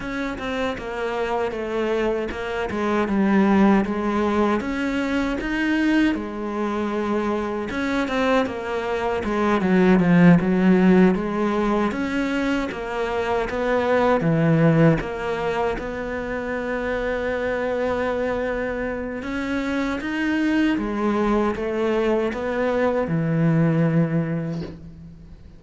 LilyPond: \new Staff \with { instrumentName = "cello" } { \time 4/4 \tempo 4 = 78 cis'8 c'8 ais4 a4 ais8 gis8 | g4 gis4 cis'4 dis'4 | gis2 cis'8 c'8 ais4 | gis8 fis8 f8 fis4 gis4 cis'8~ |
cis'8 ais4 b4 e4 ais8~ | ais8 b2.~ b8~ | b4 cis'4 dis'4 gis4 | a4 b4 e2 | }